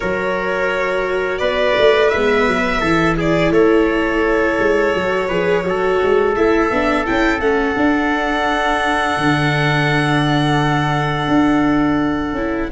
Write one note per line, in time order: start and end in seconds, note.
0.00 1.40 F#3
0.00 2.12 F#4
0.00 1.39 A#4
0.00 1.38 C#5
1.38 1.75 B3
1.38 2.80 B4
1.38 2.08 D5
1.77 2.13 A3
2.08 2.47 G#3
2.08 3.14 E5
2.16 2.85 B3
2.47 2.81 F#3
2.80 3.50 E3
2.80 4.96 E4
2.80 3.15 A4
3.17 3.52 G#4
3.17 3.52 D5
3.50 4.56 A3
3.50 5.28 A4
3.50 6.34 C#5
4.58 4.94 G#3
4.94 5.29 F#3
4.94 5.29 F#4
5.28 5.64 F3
5.28 5.64 G#4
5.28 5.63 B4
5.64 5.99 F#3
5.64 6.35 F#4
5.64 12.71 A4
6.03 6.36 G#3
6.36 6.70 A3
6.36 6.71 E4
6.36 7.05 E5
6.70 7.06 B3
6.70 7.05 D4
7.05 7.39 C#4
7.05 7.40 E4
7.05 7.40 G5
7.39 7.74 A3
7.39 7.76 C#4
7.39 12.69 F#5
7.76 9.17 D4
7.76 12.35 D4
9.17 11.28 D3
11.28 12.32 D4
12.32 12.68 C#4
12.32 12.71 E4